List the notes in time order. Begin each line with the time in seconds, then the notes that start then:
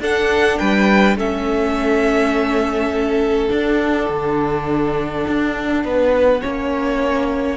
0.00 D4 A4 F#5
0.58 G3 B4 G5
1.17 A3 C#4 A4 E5
3.49 D4 F#5
4.10 D3
5.28 D4
5.84 B3 B4
6.42 A#3 C#4 C#5